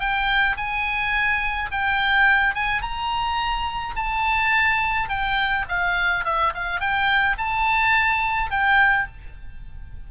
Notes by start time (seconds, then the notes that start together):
0.00 G5
0.57 G#5
1.72 G5
2.55 G#5
2.82 A#5
3.96 A5
5.09 G5
5.69 F5
6.25 E5
6.55 F5
6.80 G5
7.38 A5
8.51 G5